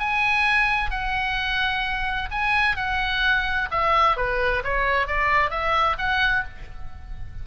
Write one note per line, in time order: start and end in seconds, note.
0.00 0.91 G#5
0.91 2.29 F#5
2.31 2.77 G#5
2.77 3.69 F#5
3.71 4.17 E5
4.17 4.63 B4
4.64 5.07 C#5
5.07 5.51 D5
5.51 5.97 E5
5.99 6.45 F#5